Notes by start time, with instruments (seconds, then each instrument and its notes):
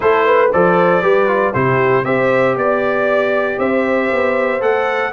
0.00 tuba A3, trombone E4, horn A4, trumpet C5
0.25 horn B4
0.51 tuba F3, trombone A4, horn C5, trumpet D5
1.02 tuba G3, trombone G4, horn B4
1.27 trombone F4
1.53 tuba C3, trombone E4, horn G4, trumpet C5
2.04 tuba C4, trombone G4, horn C5, trumpet E5
2.55 tuba B3, horn D5, trumpet D5
3.58 tuba C4, horn C5, trumpet E5
4.11 tuba B3
4.60 tuba A3, trombone A4, trumpet F#5